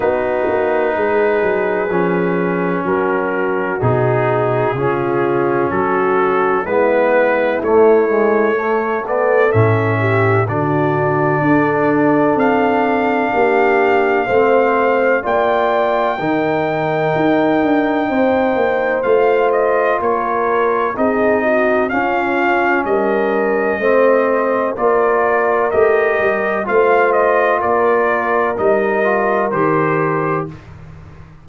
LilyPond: <<
  \new Staff \with { instrumentName = "trumpet" } { \time 4/4 \tempo 4 = 63 b'2. ais'4 | gis'2 a'4 b'4 | cis''4. d''8 e''4 d''4~ | d''4 f''2. |
g''1 | f''8 dis''8 cis''4 dis''4 f''4 | dis''2 d''4 dis''4 | f''8 dis''8 d''4 dis''4 c''4 | }
  \new Staff \with { instrumentName = "horn" } { \time 4/4 fis'4 gis'2 fis'4~ | fis'4 f'4 fis'4 e'4~ | e'4 a'4. g'8 fis'4 | a'2 g'4 c''4 |
d''4 ais'2 c''4~ | c''4 ais'4 gis'8 fis'8 f'4 | ais'4 c''4 ais'2 | c''4 ais'2. | }
  \new Staff \with { instrumentName = "trombone" } { \time 4/4 dis'2 cis'2 | dis'4 cis'2 b4 | a8 gis8 a8 b8 cis'4 d'4~ | d'2. c'4 |
f'4 dis'2. | f'2 dis'4 cis'4~ | cis'4 c'4 f'4 g'4 | f'2 dis'8 f'8 g'4 | }
  \new Staff \with { instrumentName = "tuba" } { \time 4/4 b8 ais8 gis8 fis8 f4 fis4 | b,4 cis4 fis4 gis4 | a2 a,4 d4 | d'4 c'4 ais4 a4 |
ais4 dis4 dis'8 d'8 c'8 ais8 | a4 ais4 c'4 cis'4 | g4 a4 ais4 a8 g8 | a4 ais4 g4 dis4 | }
>>